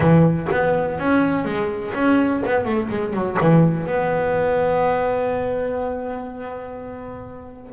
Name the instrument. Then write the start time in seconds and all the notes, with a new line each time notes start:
double bass
0.00 E3
0.51 B3
0.98 C#4
1.44 G#3
1.94 C#4
2.46 B3
2.64 A3
2.89 G#3
3.13 F#3
3.40 E3
3.86 B3